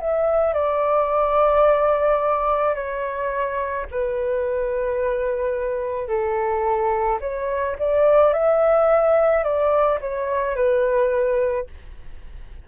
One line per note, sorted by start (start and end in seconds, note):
0.00 0.54 E5
0.54 2.75 D5
2.75 3.86 C#5
3.91 6.08 B4
6.08 7.19 A4
7.21 7.76 C#5
7.79 8.33 D5
8.33 9.44 E5
9.44 9.99 D5
10.01 10.56 C#5
10.56 11.67 B4